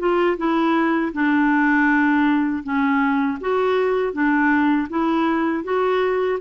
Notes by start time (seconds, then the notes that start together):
0.00 F4
0.38 E4
1.13 D4
2.64 C#4
3.41 F#4
4.13 D4
4.90 E4
5.65 F#4